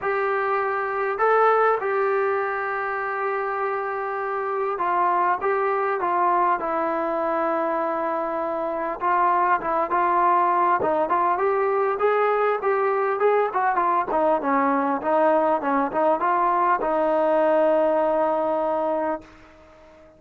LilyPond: \new Staff \with { instrumentName = "trombone" } { \time 4/4 \tempo 4 = 100 g'2 a'4 g'4~ | g'1 | f'4 g'4 f'4 e'4~ | e'2. f'4 |
e'8 f'4. dis'8 f'8 g'4 | gis'4 g'4 gis'8 fis'8 f'8 dis'8 | cis'4 dis'4 cis'8 dis'8 f'4 | dis'1 | }